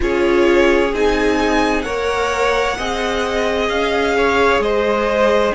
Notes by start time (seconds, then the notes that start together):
0.00 C#4 F4 G#4 C#5
0.93 C4 D#4 G#5
1.82 A#3 A#4 C#5 F#5
2.77 C4 G#4 D#5
3.68 C#4 F5
4.17 C#5
4.59 G#3 C5 D#5